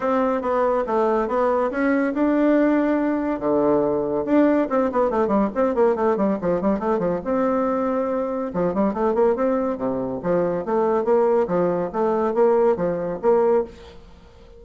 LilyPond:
\new Staff \with { instrumentName = "bassoon" } { \time 4/4 \tempo 4 = 141 c'4 b4 a4 b4 | cis'4 d'2. | d2 d'4 c'8 b8 | a8 g8 c'8 ais8 a8 g8 f8 g8 |
a8 f8 c'2. | f8 g8 a8 ais8 c'4 c4 | f4 a4 ais4 f4 | a4 ais4 f4 ais4 | }